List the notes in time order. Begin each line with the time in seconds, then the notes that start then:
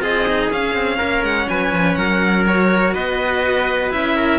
0.00 C4 F4 G#4 D#5
0.28 D#4
0.51 C#4 F5
0.74 C4
0.97 A#3 A#4
1.23 G#3 F#5
1.49 F#3 B4 G#5
1.72 F3
1.95 F#3 A#4 F#5
2.47 F#4 C#5
2.94 B3 B4 D#5
3.91 C#4 E4 E5
4.16 A#4